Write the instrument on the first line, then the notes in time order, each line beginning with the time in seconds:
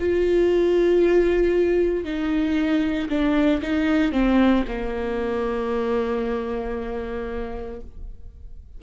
viola
0.00 F4
2.05 D#4
3.10 D4
3.62 D#4
4.13 C4
4.68 A#3